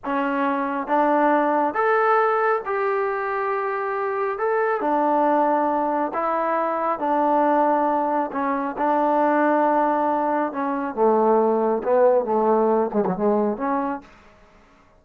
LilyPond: \new Staff \with { instrumentName = "trombone" } { \time 4/4 \tempo 4 = 137 cis'2 d'2 | a'2 g'2~ | g'2 a'4 d'4~ | d'2 e'2 |
d'2. cis'4 | d'1 | cis'4 a2 b4 | a4. gis16 fis16 gis4 cis'4 | }